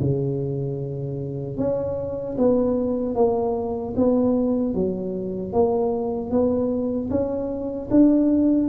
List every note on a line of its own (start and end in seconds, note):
0.00 1.57 C#3
1.57 2.36 C#4
2.37 3.15 B3
3.15 3.94 A#3
3.96 4.74 B3
4.74 5.52 F#3
5.52 6.30 A#3
6.30 7.09 B3
7.10 7.89 C#4
7.90 8.69 D4